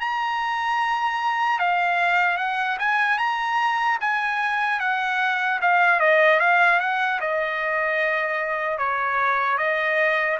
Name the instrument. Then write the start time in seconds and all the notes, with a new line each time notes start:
trumpet
0.00 A#5
1.59 F5
2.37 F#5
2.79 G#5
3.18 A#5
4.00 G#5
4.80 F#5
5.61 F5
6.00 D#5
6.40 F5
6.80 F#5
7.21 D#5
8.78 C#5
9.58 D#5